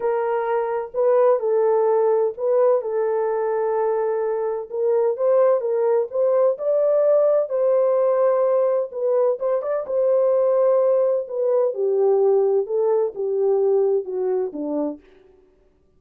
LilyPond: \new Staff \with { instrumentName = "horn" } { \time 4/4 \tempo 4 = 128 ais'2 b'4 a'4~ | a'4 b'4 a'2~ | a'2 ais'4 c''4 | ais'4 c''4 d''2 |
c''2. b'4 | c''8 d''8 c''2. | b'4 g'2 a'4 | g'2 fis'4 d'4 | }